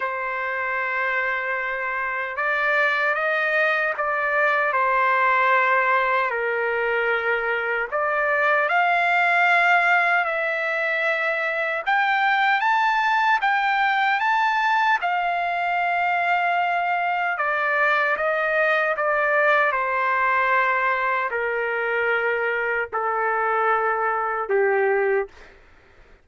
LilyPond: \new Staff \with { instrumentName = "trumpet" } { \time 4/4 \tempo 4 = 76 c''2. d''4 | dis''4 d''4 c''2 | ais'2 d''4 f''4~ | f''4 e''2 g''4 |
a''4 g''4 a''4 f''4~ | f''2 d''4 dis''4 | d''4 c''2 ais'4~ | ais'4 a'2 g'4 | }